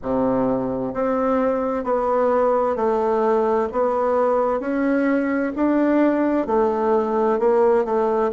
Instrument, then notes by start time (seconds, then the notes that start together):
bassoon
0.02 C3
0.93 C4
1.84 B3
2.76 A3
3.72 B3
4.59 C#4
5.55 D4
6.46 A3
7.38 A#3
7.85 A3